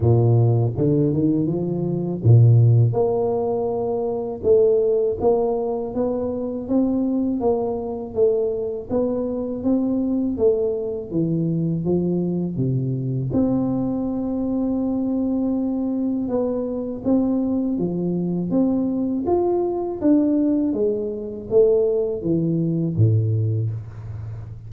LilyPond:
\new Staff \with { instrumentName = "tuba" } { \time 4/4 \tempo 4 = 81 ais,4 d8 dis8 f4 ais,4 | ais2 a4 ais4 | b4 c'4 ais4 a4 | b4 c'4 a4 e4 |
f4 c4 c'2~ | c'2 b4 c'4 | f4 c'4 f'4 d'4 | gis4 a4 e4 a,4 | }